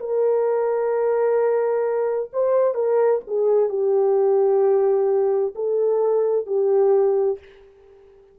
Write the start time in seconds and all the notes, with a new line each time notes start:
0.00 A#4
2.33 C5
2.74 A#4
3.27 G#4
3.69 G4
5.56 A4
6.47 G4